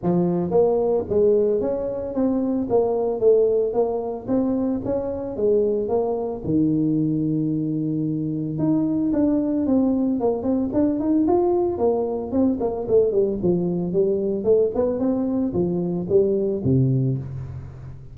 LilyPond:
\new Staff \with { instrumentName = "tuba" } { \time 4/4 \tempo 4 = 112 f4 ais4 gis4 cis'4 | c'4 ais4 a4 ais4 | c'4 cis'4 gis4 ais4 | dis1 |
dis'4 d'4 c'4 ais8 c'8 | d'8 dis'8 f'4 ais4 c'8 ais8 | a8 g8 f4 g4 a8 b8 | c'4 f4 g4 c4 | }